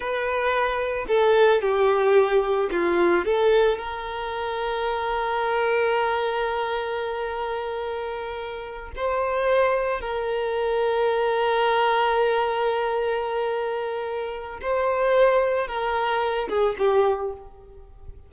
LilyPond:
\new Staff \with { instrumentName = "violin" } { \time 4/4 \tempo 4 = 111 b'2 a'4 g'4~ | g'4 f'4 a'4 ais'4~ | ais'1~ | ais'1~ |
ais'8 c''2 ais'4.~ | ais'1~ | ais'2. c''4~ | c''4 ais'4. gis'8 g'4 | }